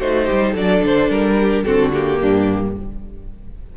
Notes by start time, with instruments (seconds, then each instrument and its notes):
0.00 cello A3, viola D#4, violin F#4 C5
0.26 cello G3, violin G4
0.52 cello F#3, violin A4 D5
0.58 viola D4
0.83 cello D3, violin C5
1.09 cello G3, violin A#4
1.40 violin G4
1.65 cello D3, viola C4, violin F#4 A4
1.93 viola A#3, violin G4
2.20 cello G2, violin D4